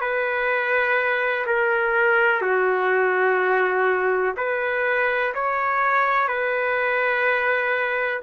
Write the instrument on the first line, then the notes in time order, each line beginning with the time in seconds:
trumpet
0.00 B4
1.46 A#4
2.41 F#4
4.36 B4
5.34 C#5
6.27 B4